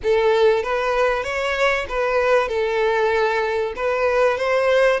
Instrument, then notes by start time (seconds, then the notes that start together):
violin
0.03 A4
0.63 B4
1.23 C#5
1.89 B4
2.48 A4
3.76 B4
4.37 C5